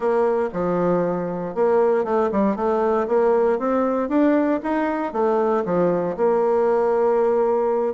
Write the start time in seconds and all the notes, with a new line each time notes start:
0.00 A#3
0.52 F3
1.55 A#3
2.04 A3
2.31 G3
2.55 A3
3.07 A#3
3.58 C4
4.09 D4
4.62 D#4
5.12 A3
5.65 F3
6.17 A#3